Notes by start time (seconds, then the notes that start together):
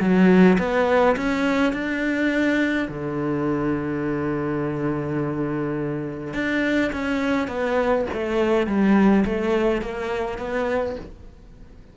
0.00 F#3
0.58 B3
1.16 C#4
1.73 D4
2.88 D3
6.34 D4
6.93 C#4
7.48 B3
8.13 A3
8.67 G3
9.25 A3
9.82 A#3
10.38 B3